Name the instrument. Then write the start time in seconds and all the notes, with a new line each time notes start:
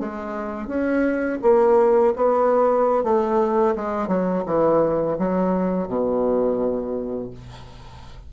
bassoon
0.00 G#3
0.68 C#4
1.43 A#3
2.16 B3
3.04 A3
3.76 G#3
4.08 F#3
4.46 E3
5.19 F#3
5.88 B2